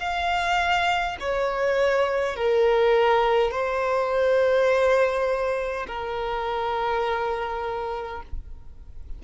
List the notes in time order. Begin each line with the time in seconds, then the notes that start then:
0.00 F5
1.21 C#5
2.36 A#4
3.52 C5
5.88 A#4